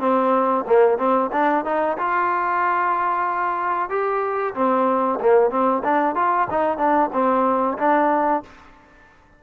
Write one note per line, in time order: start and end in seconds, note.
0.00 0.65 C4
0.67 0.98 A#3
0.98 1.30 C4
1.33 1.65 D4
1.65 1.97 D#4
1.98 3.90 F4
3.90 4.54 G4
4.55 5.19 C4
5.20 5.50 A#3
5.50 5.83 C4
5.84 6.16 D4
6.16 6.48 F4
6.51 6.78 D#4
6.78 7.10 D4
7.13 7.78 C4
7.78 8.43 D4